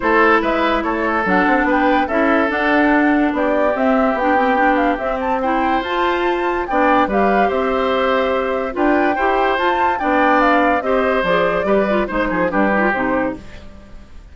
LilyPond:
<<
  \new Staff \with { instrumentName = "flute" } { \time 4/4 \tempo 4 = 144 c''4 e''4 cis''4 fis''4 | g''4 e''4 fis''2 | d''4 e''4 g''4. f''8 | e''8 a''8 g''4 a''2 |
g''4 f''4 e''2~ | e''4 g''2 a''4 | g''4 f''4 dis''4 d''4~ | d''4 c''4 b'4 c''4 | }
  \new Staff \with { instrumentName = "oboe" } { \time 4/4 a'4 b'4 a'2 | b'4 a'2. | g'1~ | g'4 c''2. |
d''4 b'4 c''2~ | c''4 b'4 c''2 | d''2 c''2 | b'4 c''8 gis'8 g'2 | }
  \new Staff \with { instrumentName = "clarinet" } { \time 4/4 e'2. d'4~ | d'4 e'4 d'2~ | d'4 c'4 d'8 c'8 d'4 | c'4 e'4 f'2 |
d'4 g'2.~ | g'4 f'4 g'4 f'4 | d'2 g'4 gis'4 | g'8 f'8 dis'4 d'8 dis'16 f'16 dis'4 | }
  \new Staff \with { instrumentName = "bassoon" } { \time 4/4 a4 gis4 a4 fis8 c'8 | b4 cis'4 d'2 | b4 c'4 b2 | c'2 f'2 |
b4 g4 c'2~ | c'4 d'4 e'4 f'4 | b2 c'4 f4 | g4 gis8 f8 g4 c4 | }
>>